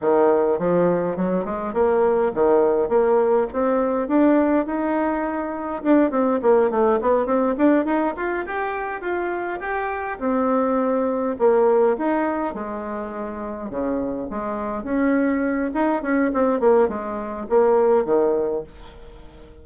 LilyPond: \new Staff \with { instrumentName = "bassoon" } { \time 4/4 \tempo 4 = 103 dis4 f4 fis8 gis8 ais4 | dis4 ais4 c'4 d'4 | dis'2 d'8 c'8 ais8 a8 | b8 c'8 d'8 dis'8 f'8 g'4 f'8~ |
f'8 g'4 c'2 ais8~ | ais8 dis'4 gis2 cis8~ | cis8 gis4 cis'4. dis'8 cis'8 | c'8 ais8 gis4 ais4 dis4 | }